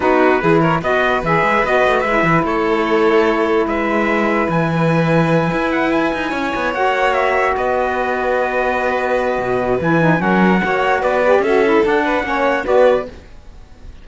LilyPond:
<<
  \new Staff \with { instrumentName = "trumpet" } { \time 4/4 \tempo 4 = 147 b'4. cis''8 dis''4 e''4 | dis''4 e''4 cis''2~ | cis''4 e''2 gis''4~ | gis''2 fis''8 gis''4.~ |
gis''8 fis''4 e''4 dis''4.~ | dis''1 | gis''4 fis''2 d''4 | e''4 fis''2 d''4 | }
  \new Staff \with { instrumentName = "violin" } { \time 4/4 fis'4 gis'8 ais'8 b'2~ | b'2 a'2~ | a'4 b'2.~ | b'2.~ b'8 cis''8~ |
cis''2~ cis''8 b'4.~ | b'1~ | b'4 ais'4 cis''4 b'4 | a'4. b'8 cis''4 b'4 | }
  \new Staff \with { instrumentName = "saxophone" } { \time 4/4 dis'4 e'4 fis'4 gis'4 | fis'4 e'2.~ | e'1~ | e'1~ |
e'8 fis'2.~ fis'8~ | fis'1 | e'8 dis'8 cis'4 fis'4. g'8 | fis'8 e'8 d'4 cis'4 fis'4 | }
  \new Staff \with { instrumentName = "cello" } { \time 4/4 b4 e4 b4 e8 gis8 | b8 a8 gis8 e8 a2~ | a4 gis2 e4~ | e4. e'4. dis'8 cis'8 |
b8 ais2 b4.~ | b2. b,4 | e4 fis4 ais4 b4 | cis'4 d'4 ais4 b4 | }
>>